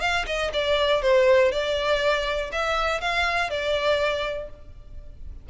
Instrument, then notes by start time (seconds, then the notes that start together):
violin
0.00 F5
0.26 D#5
0.53 D5
1.02 C5
1.51 D5
2.52 E5
3.00 F5
3.50 D5